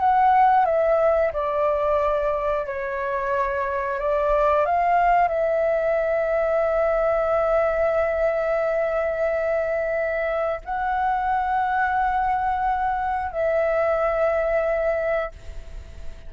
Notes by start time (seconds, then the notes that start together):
0.00 F#5
0.66 E5
1.33 D5
2.66 C#5
3.99 D5
4.66 F5
5.28 E5
10.65 F#5
13.32 E5